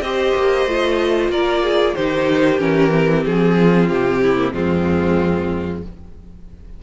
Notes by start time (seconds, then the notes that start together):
0.00 C4 G4 C5 D#5
0.35 A#3
0.65 A3 F4
1.28 A#3 A#4 D5
1.63 G#4
1.95 D#3 D#4 G4 C5
2.59 E3 C#4 A#4
2.88 C4
3.25 F3 G#4
3.57 F4
3.88 C3 G4
4.22 E4
4.37 A#3
4.52 F2 G#3 C4 F4